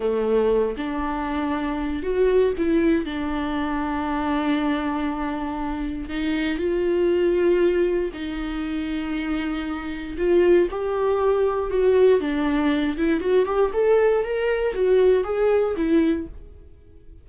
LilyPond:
\new Staff \with { instrumentName = "viola" } { \time 4/4 \tempo 4 = 118 a4. d'2~ d'8 | fis'4 e'4 d'2~ | d'1 | dis'4 f'2. |
dis'1 | f'4 g'2 fis'4 | d'4. e'8 fis'8 g'8 a'4 | ais'4 fis'4 gis'4 e'4 | }